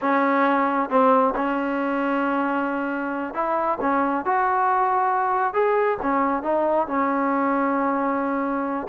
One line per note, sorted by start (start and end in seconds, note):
0.01 0.89 C#4
0.89 1.34 C4
1.35 3.34 C#4
3.34 3.78 E4
3.80 4.25 C#4
4.25 5.53 F#4
5.53 5.98 G#4
6.02 6.42 C#4
6.42 6.87 D#4
6.87 8.87 C#4